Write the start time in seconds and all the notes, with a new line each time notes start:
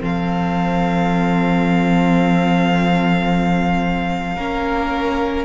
0.00 F3 C4 A4 F5
4.36 A#3 C#4 A#4